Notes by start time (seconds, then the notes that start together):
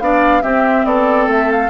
0.00 B3 D4 D5 F5
0.42 C4 G4 E5
0.85 B3 A4 D5
1.27 A3 E5
1.52 F5